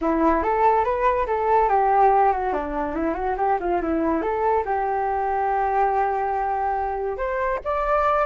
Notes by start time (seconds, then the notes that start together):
0.01 E4
0.42 A4
0.84 B4
1.27 A4
1.68 G4
2.32 F#4
2.53 D4
2.95 E4
3.14 F#4
3.37 G4
3.60 F4
3.81 E4
4.22 A4
4.65 G4
7.17 C5
7.64 D5